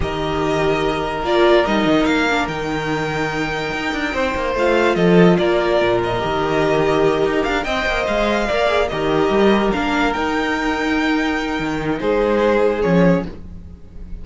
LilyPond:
<<
  \new Staff \with { instrumentName = "violin" } { \time 4/4 \tempo 4 = 145 dis''2. d''4 | dis''4 f''4 g''2~ | g''2. f''4 | dis''4 d''4. dis''4.~ |
dis''2 f''8 g''4 f''8~ | f''4. dis''2 f''8~ | f''8 g''2.~ g''8~ | g''4 c''2 cis''4 | }
  \new Staff \with { instrumentName = "violin" } { \time 4/4 ais'1~ | ais'1~ | ais'2 c''2 | a'4 ais'2.~ |
ais'2~ ais'8 dis''4.~ | dis''8 d''4 ais'2~ ais'8~ | ais'1~ | ais'4 gis'2. | }
  \new Staff \with { instrumentName = "viola" } { \time 4/4 g'2. f'4 | dis'4. d'8 dis'2~ | dis'2. f'4~ | f'2. g'4~ |
g'2~ g'8 c''4.~ | c''8 ais'8 gis'8 g'2 d'8~ | d'8 dis'2.~ dis'8~ | dis'2. cis'4 | }
  \new Staff \with { instrumentName = "cello" } { \time 4/4 dis2. ais4 | g8 dis8 ais4 dis2~ | dis4 dis'8 d'8 c'8 ais8 a4 | f4 ais4 ais,4 dis4~ |
dis4. dis'8 d'8 c'8 ais8 gis8~ | gis8 ais4 dis4 g4 ais8~ | ais8 dis'2.~ dis'8 | dis4 gis2 f4 | }
>>